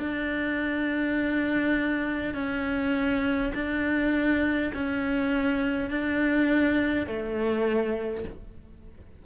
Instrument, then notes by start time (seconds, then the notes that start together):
cello
0.00 D4
2.35 C#4
3.55 D4
4.74 C#4
5.91 D4
7.07 A3